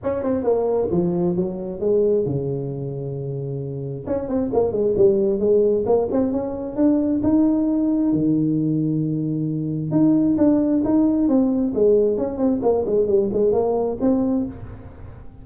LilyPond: \new Staff \with { instrumentName = "tuba" } { \time 4/4 \tempo 4 = 133 cis'8 c'8 ais4 f4 fis4 | gis4 cis2.~ | cis4 cis'8 c'8 ais8 gis8 g4 | gis4 ais8 c'8 cis'4 d'4 |
dis'2 dis2~ | dis2 dis'4 d'4 | dis'4 c'4 gis4 cis'8 c'8 | ais8 gis8 g8 gis8 ais4 c'4 | }